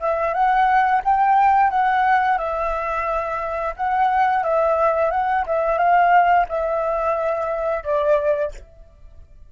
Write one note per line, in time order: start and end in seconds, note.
0.00 0.33 E5
0.33 1.02 F#5
1.04 1.70 G5
1.70 2.38 F#5
2.38 3.74 E5
3.77 4.43 F#5
4.43 5.11 E5
5.11 5.45 F#5
5.46 5.78 E5
5.78 6.46 F5
6.49 7.83 E5
7.83 8.52 D5